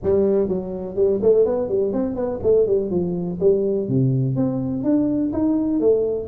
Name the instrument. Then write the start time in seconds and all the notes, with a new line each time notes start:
tuba
0.03 G3
0.48 F#3
0.95 G3
1.22 A3
1.45 B3
1.68 G3
1.92 C4
2.15 B3
2.42 A3
2.66 G3
2.90 F3
3.40 G3
3.88 C3
4.36 C4
4.83 D4
5.32 D#4
5.80 A3